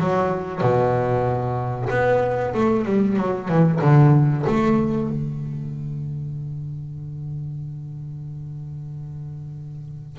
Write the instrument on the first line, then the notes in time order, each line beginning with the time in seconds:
double bass
0.00 F#3
0.61 B2
1.90 B3
2.54 A3
2.85 G3
3.17 F#3
3.48 E3
3.81 D3
4.47 A3
5.09 D3